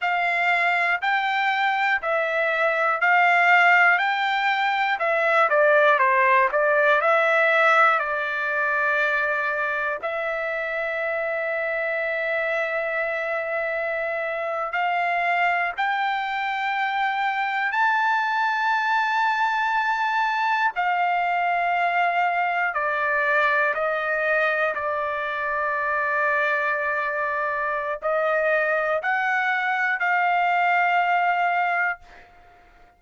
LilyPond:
\new Staff \with { instrumentName = "trumpet" } { \time 4/4 \tempo 4 = 60 f''4 g''4 e''4 f''4 | g''4 e''8 d''8 c''8 d''8 e''4 | d''2 e''2~ | e''2~ e''8. f''4 g''16~ |
g''4.~ g''16 a''2~ a''16~ | a''8. f''2 d''4 dis''16~ | dis''8. d''2.~ d''16 | dis''4 fis''4 f''2 | }